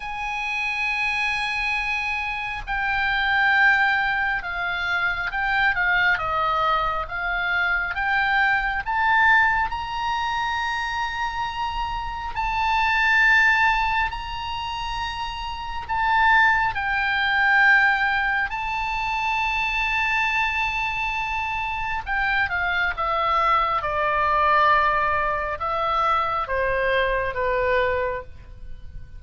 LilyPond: \new Staff \with { instrumentName = "oboe" } { \time 4/4 \tempo 4 = 68 gis''2. g''4~ | g''4 f''4 g''8 f''8 dis''4 | f''4 g''4 a''4 ais''4~ | ais''2 a''2 |
ais''2 a''4 g''4~ | g''4 a''2.~ | a''4 g''8 f''8 e''4 d''4~ | d''4 e''4 c''4 b'4 | }